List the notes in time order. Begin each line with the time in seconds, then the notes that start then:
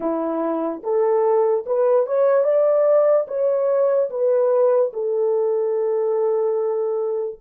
0.00 E4
0.83 A4
1.66 B4
2.06 C#5
2.44 D5
3.27 C#5
4.09 B4
4.93 A4